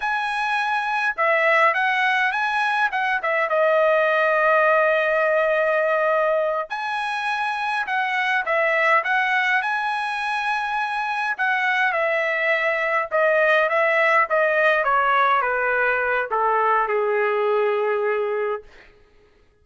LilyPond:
\new Staff \with { instrumentName = "trumpet" } { \time 4/4 \tempo 4 = 103 gis''2 e''4 fis''4 | gis''4 fis''8 e''8 dis''2~ | dis''2.~ dis''8 gis''8~ | gis''4. fis''4 e''4 fis''8~ |
fis''8 gis''2. fis''8~ | fis''8 e''2 dis''4 e''8~ | e''8 dis''4 cis''4 b'4. | a'4 gis'2. | }